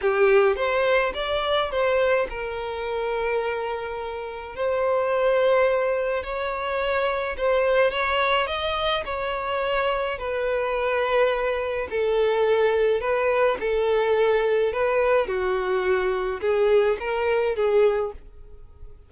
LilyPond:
\new Staff \with { instrumentName = "violin" } { \time 4/4 \tempo 4 = 106 g'4 c''4 d''4 c''4 | ais'1 | c''2. cis''4~ | cis''4 c''4 cis''4 dis''4 |
cis''2 b'2~ | b'4 a'2 b'4 | a'2 b'4 fis'4~ | fis'4 gis'4 ais'4 gis'4 | }